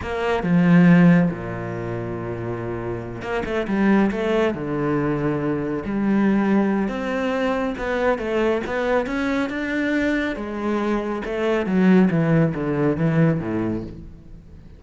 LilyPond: \new Staff \with { instrumentName = "cello" } { \time 4/4 \tempo 4 = 139 ais4 f2 ais,4~ | ais,2.~ ais,8 ais8 | a8 g4 a4 d4.~ | d4. g2~ g8 |
c'2 b4 a4 | b4 cis'4 d'2 | gis2 a4 fis4 | e4 d4 e4 a,4 | }